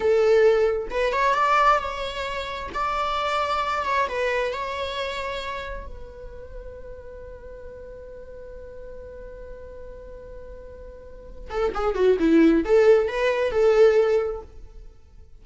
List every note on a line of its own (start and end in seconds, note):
0.00 0.88 A4
0.90 1.12 B4
1.12 1.34 C#5
1.34 1.79 D5
1.79 2.69 C#5
2.74 3.85 D5
3.85 4.07 C#5
4.08 4.53 B4
4.53 5.86 C#5
5.86 11.50 B4
11.50 11.73 A4
11.74 11.94 G#4
11.94 12.17 F#4
12.19 12.64 E4
12.65 13.08 A4
13.08 13.51 B4
13.51 14.41 A4